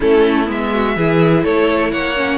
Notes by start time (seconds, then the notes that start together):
0.00 A3 C#4 E4 A4
0.46 G#3 B3 E5
0.73 F#4
0.96 E3 E4 G#4
1.43 A3 A4 C#5
1.91 A#3 C#5 F#5
2.16 C#4